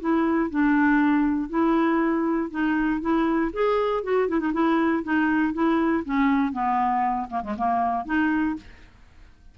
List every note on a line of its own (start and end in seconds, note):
0.00 0.50 E4
0.50 1.50 D4
1.50 2.51 E4
2.51 3.01 D#4
3.01 3.52 E4
3.53 4.04 G#4
4.04 4.29 F#4
4.29 4.40 E4
4.40 4.52 D#4
4.54 5.04 E4
5.04 5.54 D#4
5.54 6.04 E4
6.05 6.53 C#4
6.53 7.29 B3
7.30 7.43 A#3
7.44 7.56 G#3
7.58 8.06 A#3
8.06 8.56 D#4